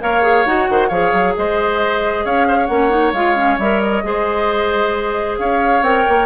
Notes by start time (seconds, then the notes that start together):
0.00 A#3 A#4 C#5 F5
0.22 G#4
0.46 D#4 F#4 F#5
0.69 D#3 C5
0.88 F3 G#4 C#5 F5
1.13 F#3
1.37 G#3 C5 D#5
2.25 C#4 C#5 F5
2.48 C5
2.58 C#5
2.67 A#3 C#4 F#5
2.90 D#4
3.13 G#3 F4 F5
3.36 C#4
3.58 G3 A#4 E5
3.80 D#5
4.03 G#3 G#4 C5
5.39 C#4 C#5 F5
5.82 C4 A#4 G5
6.09 A#3